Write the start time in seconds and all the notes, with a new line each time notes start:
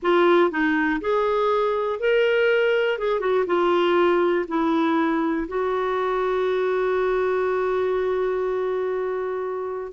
0.02 F4
0.50 D#4
1.01 G#4
1.99 A#4
2.98 G#4
3.20 F#4
3.46 F4
4.48 E4
5.48 F#4